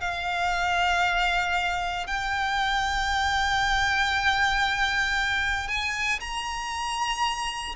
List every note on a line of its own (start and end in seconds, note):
0.00 2.06 F5
2.06 5.68 G5
5.68 6.19 G#5
6.20 7.75 A#5